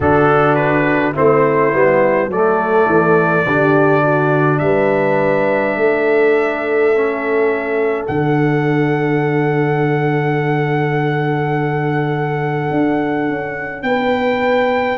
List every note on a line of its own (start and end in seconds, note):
0.00 1.14 D3
0.00 1.14 D4
0.00 1.13 F#4
0.00 0.55 A4
0.55 1.12 B4
1.13 1.73 A3
1.13 1.72 C4
1.13 2.29 E4
1.13 2.31 C5
1.73 2.27 G3
1.73 2.30 B3
2.27 2.85 F#3
2.27 3.46 A3
2.27 3.45 A4
2.27 4.58 D5
2.86 3.44 E3
3.45 4.60 D3
3.45 6.94 D4
3.45 4.01 G4
4.01 4.59 F#4
4.58 5.75 G3
4.58 5.79 B4
4.58 8.05 E5
5.76 8.06 A3
5.76 13.86 A4
6.94 8.09 C#4
8.07 12.70 D3
8.07 14.98 D4
8.07 13.82 F#5
12.70 13.28 D4
13.28 13.82 C#4
13.82 14.97 B3
13.82 14.98 B4
13.82 14.98 G5